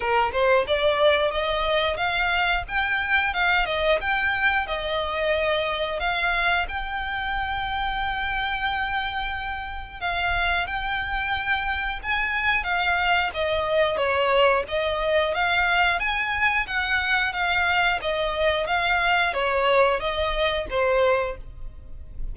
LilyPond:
\new Staff \with { instrumentName = "violin" } { \time 4/4 \tempo 4 = 90 ais'8 c''8 d''4 dis''4 f''4 | g''4 f''8 dis''8 g''4 dis''4~ | dis''4 f''4 g''2~ | g''2. f''4 |
g''2 gis''4 f''4 | dis''4 cis''4 dis''4 f''4 | gis''4 fis''4 f''4 dis''4 | f''4 cis''4 dis''4 c''4 | }